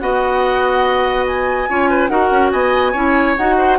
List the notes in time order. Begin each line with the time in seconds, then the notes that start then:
0.00 B3 F#4 D#5 F#5
1.28 G#5
1.69 C#4 F4 C#5
1.90 B4
2.08 D#4 F#4 A#4 F#5
2.31 C#4
2.52 B3 D#5 G#5
2.92 C#4 E4 C#5
3.37 D#4 F#4 F#5
3.58 C5